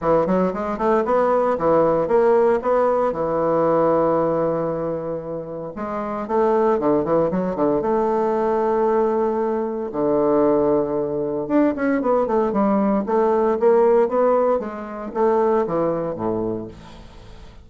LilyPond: \new Staff \with { instrumentName = "bassoon" } { \time 4/4 \tempo 4 = 115 e8 fis8 gis8 a8 b4 e4 | ais4 b4 e2~ | e2. gis4 | a4 d8 e8 fis8 d8 a4~ |
a2. d4~ | d2 d'8 cis'8 b8 a8 | g4 a4 ais4 b4 | gis4 a4 e4 a,4 | }